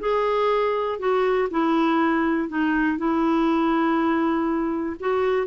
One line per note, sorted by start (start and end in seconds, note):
0.00 0.99 G#4
0.99 1.49 F#4
1.51 2.49 E4
2.49 2.98 D#4
2.98 4.96 E4
5.00 5.47 F#4